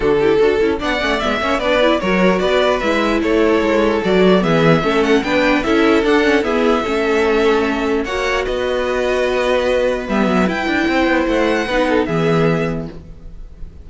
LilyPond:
<<
  \new Staff \with { instrumentName = "violin" } { \time 4/4 \tempo 4 = 149 a'2 fis''4 e''4 | d''4 cis''4 d''4 e''4 | cis''2 d''4 e''4~ | e''8 fis''8 g''4 e''4 fis''4 |
e''1 | fis''4 dis''2.~ | dis''4 e''4 g''2 | fis''2 e''2 | }
  \new Staff \with { instrumentName = "violin" } { \time 4/4 fis'8 g'8 a'4 d''4. cis''8 | b'4 ais'4 b'2 | a'2. gis'4 | a'4 b'4 a'2 |
gis'4 a'2. | cis''4 b'2.~ | b'2. c''4~ | c''4 b'8 a'8 gis'2 | }
  \new Staff \with { instrumentName = "viola" } { \time 4/4 d'8 e'8 fis'8 e'8 d'8 cis'8 b8 cis'8 | d'8 e'8 fis'2 e'4~ | e'2 fis'4 b4 | cis'4 d'4 e'4 d'8 cis'8 |
b4 cis'2. | fis'1~ | fis'4 b4 e'2~ | e'4 dis'4 b2 | }
  \new Staff \with { instrumentName = "cello" } { \time 4/4 d4 d'8 cis'8 b8 a8 gis8 ais8 | b4 fis4 b4 gis4 | a4 gis4 fis4 e4 | a4 b4 cis'4 d'4 |
e'4 a2. | ais4 b2.~ | b4 g8 fis8 e'8 d'8 c'8 b8 | a4 b4 e2 | }
>>